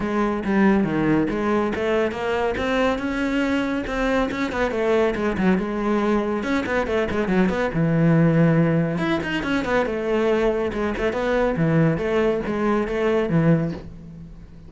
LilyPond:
\new Staff \with { instrumentName = "cello" } { \time 4/4 \tempo 4 = 140 gis4 g4 dis4 gis4 | a4 ais4 c'4 cis'4~ | cis'4 c'4 cis'8 b8 a4 | gis8 fis8 gis2 cis'8 b8 |
a8 gis8 fis8 b8 e2~ | e4 e'8 dis'8 cis'8 b8 a4~ | a4 gis8 a8 b4 e4 | a4 gis4 a4 e4 | }